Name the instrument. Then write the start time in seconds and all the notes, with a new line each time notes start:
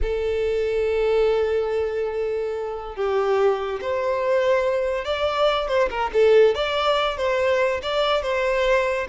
violin
0.02 A4
2.95 G4
3.81 C5
5.04 D5
5.68 C5
5.89 A#4
6.13 A4
6.54 D5
7.17 C5
7.82 D5
8.22 C5